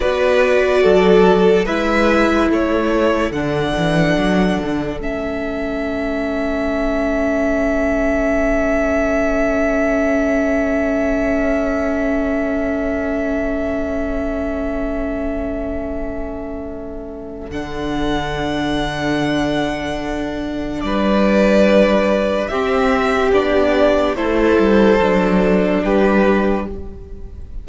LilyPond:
<<
  \new Staff \with { instrumentName = "violin" } { \time 4/4 \tempo 4 = 72 d''2 e''4 cis''4 | fis''2 e''2~ | e''1~ | e''1~ |
e''1~ | e''4 fis''2.~ | fis''4 d''2 e''4 | d''4 c''2 b'4 | }
  \new Staff \with { instrumentName = "violin" } { \time 4/4 b'4 a'4 b'4 a'4~ | a'1~ | a'1~ | a'1~ |
a'1~ | a'1~ | a'4 b'2 g'4~ | g'4 a'2 g'4 | }
  \new Staff \with { instrumentName = "viola" } { \time 4/4 fis'2 e'2 | d'2 cis'2~ | cis'1~ | cis'1~ |
cis'1~ | cis'4 d'2.~ | d'2. c'4 | d'4 e'4 d'2 | }
  \new Staff \with { instrumentName = "cello" } { \time 4/4 b4 fis4 gis4 a4 | d8 e8 fis8 d8 a2~ | a1~ | a1~ |
a1~ | a4 d2.~ | d4 g2 c'4 | b4 a8 g8 fis4 g4 | }
>>